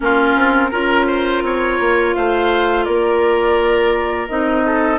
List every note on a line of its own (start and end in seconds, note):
0.00 0.36 A#3
0.00 0.70 C#4
0.00 0.70 F4
0.00 2.14 A#4
0.36 0.71 C4
0.70 1.42 C#4
0.70 4.28 F4
0.70 1.06 A#4
1.07 1.43 C5
1.42 1.78 C4
1.42 2.15 C#5
1.79 2.15 A#3
2.14 2.87 A3
2.14 2.85 C5
2.14 2.84 F5
2.84 4.29 A#3
2.84 4.63 A#4
2.84 4.27 D5
4.28 4.99 C4
4.28 4.99 D#4
4.28 4.99 D#5
4.65 4.99 A4